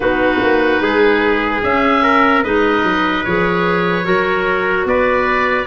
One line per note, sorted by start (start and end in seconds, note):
0.00 0.40 B3
0.00 1.62 D#4
0.00 0.82 F#4
0.00 1.62 B4
0.41 0.81 A#3
0.81 1.62 G#3
0.81 2.03 G#4
1.62 2.43 C#4
1.62 2.43 E5
2.03 2.43 A#4
2.43 2.83 G#3
2.43 3.24 D#4
2.43 4.05 B4
2.43 3.24 D#5
2.83 3.24 F#3
3.24 4.05 F3
3.24 4.03 G#4
3.24 4.86 C#5
4.03 4.85 F#3
4.03 5.65 F#4
4.03 4.87 A#4
4.85 5.66 B3
4.85 5.66 B4
4.85 5.66 D5